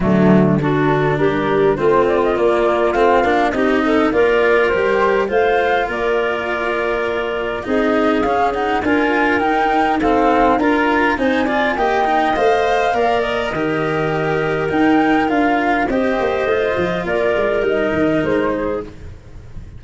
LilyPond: <<
  \new Staff \with { instrumentName = "flute" } { \time 4/4 \tempo 4 = 102 d'4 a'4 ais'4 c''8 d''16 dis''16 | d''4 f''4 dis''4 d''4 | c''4 f''4 d''2~ | d''4 dis''4 f''8 fis''8 gis''4 |
g''4 f''4 ais''4 gis''4 | g''4 f''4. dis''4.~ | dis''4 g''4 f''4 dis''4~ | dis''4 d''4 dis''4 c''4 | }
  \new Staff \with { instrumentName = "clarinet" } { \time 4/4 a4 fis'4 g'4 f'4~ | f'2 g'8 a'8 ais'4~ | ais'4 c''4 ais'2~ | ais'4 gis'2 ais'4~ |
ais'4 a'4 ais'4 c''8 d''8 | dis''2 d''4 ais'4~ | ais'2. c''4~ | c''4 ais'2~ ais'8 gis'8 | }
  \new Staff \with { instrumentName = "cello" } { \time 4/4 fis4 d'2 c'4 | ais4 c'8 d'8 dis'4 f'4 | g'4 f'2.~ | f'4 dis'4 cis'8 dis'8 f'4 |
dis'4 c'4 f'4 dis'8 f'8 | g'8 dis'8 c''4 ais'4 g'4~ | g'4 dis'4 f'4 g'4 | f'2 dis'2 | }
  \new Staff \with { instrumentName = "tuba" } { \time 4/4 d2 g4 a4 | ais4 a8 ais8 c'4 ais4 | g4 a4 ais2~ | ais4 c'4 cis'4 d'4 |
dis'2 d'4 c'4 | ais4 a4 ais4 dis4~ | dis4 dis'4 d'4 c'8 ais8 | a8 f8 ais8 gis8 g8 dis8 gis4 | }
>>